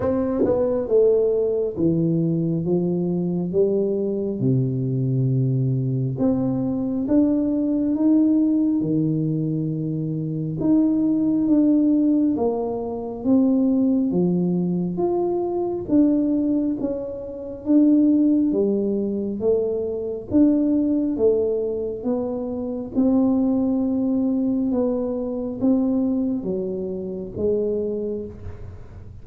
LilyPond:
\new Staff \with { instrumentName = "tuba" } { \time 4/4 \tempo 4 = 68 c'8 b8 a4 e4 f4 | g4 c2 c'4 | d'4 dis'4 dis2 | dis'4 d'4 ais4 c'4 |
f4 f'4 d'4 cis'4 | d'4 g4 a4 d'4 | a4 b4 c'2 | b4 c'4 fis4 gis4 | }